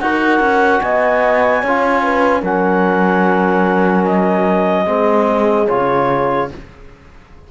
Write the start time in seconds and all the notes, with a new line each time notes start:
0.00 D#4 F#4 A#4 F#5
0.39 C#4
0.81 B3 D#5 G#5
1.61 C#4 C#5
1.67 F4
2.02 B4
2.41 F#3 C#4 A#4 F#5
4.05 D#5
4.86 G#3 C4 G#4
5.68 C#3 F4 C#5